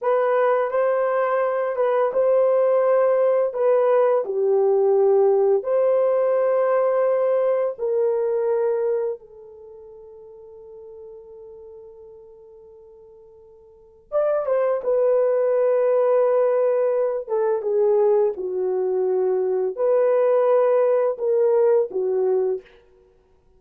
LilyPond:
\new Staff \with { instrumentName = "horn" } { \time 4/4 \tempo 4 = 85 b'4 c''4. b'8 c''4~ | c''4 b'4 g'2 | c''2. ais'4~ | ais'4 a'2.~ |
a'1 | d''8 c''8 b'2.~ | b'8 a'8 gis'4 fis'2 | b'2 ais'4 fis'4 | }